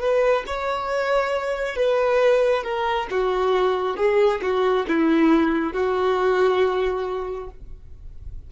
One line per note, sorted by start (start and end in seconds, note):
0.00 0.44 B4
0.47 1.76 C#5
1.76 2.63 B4
2.63 3.08 A#4
3.10 3.97 F#4
3.97 4.41 G#4
4.42 4.86 F#4
4.88 5.73 E4
5.73 7.50 F#4